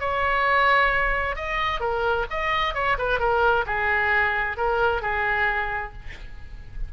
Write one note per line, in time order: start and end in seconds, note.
0.00 1.36 C#5
1.36 1.80 D#5
1.80 2.26 A#4
2.30 2.74 D#5
2.74 2.97 C#5
2.98 3.20 B4
3.20 3.65 A#4
3.66 4.57 G#4
4.57 5.02 A#4
5.02 5.93 G#4